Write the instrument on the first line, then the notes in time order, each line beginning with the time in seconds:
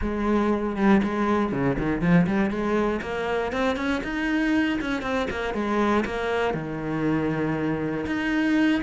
cello
0.01 G#3
0.76 G3
1.03 G#3
1.51 C#3
1.78 D#3
2.01 F3
2.26 G3
2.50 G#3
3.02 A#3
3.52 C4
3.76 C#4
4.03 D#4
4.81 C#4
5.01 C4
5.30 A#3
5.54 G#3
6.05 A#3
6.54 D#3
8.06 D#4